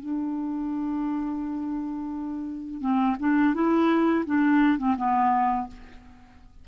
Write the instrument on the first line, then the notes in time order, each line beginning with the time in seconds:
clarinet
0.00 D4
2.81 C4
3.20 D4
3.55 E4
4.26 D4
4.79 C4
4.97 B3